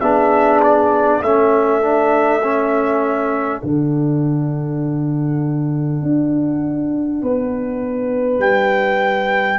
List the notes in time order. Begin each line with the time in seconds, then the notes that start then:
0.00 B3 D4 G#4 E5
0.63 D5
1.21 A3 C#4 A4 E5
1.81 D4
2.43 C#4
3.60 D3 D4 F#5
6.02 D4
7.21 B3 B4
8.38 G3 G5